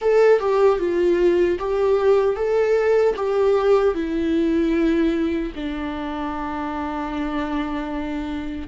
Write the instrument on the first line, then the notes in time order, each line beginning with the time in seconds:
viola
0.01 A4
0.39 G4
0.79 F4
1.58 G4
2.35 A4
3.15 G4
3.94 E4
5.55 D4